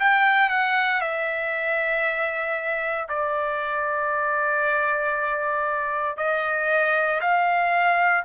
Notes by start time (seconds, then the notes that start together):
0.00 G5
0.50 F#5
1.01 E5
3.08 D5
6.17 D#5
7.21 F5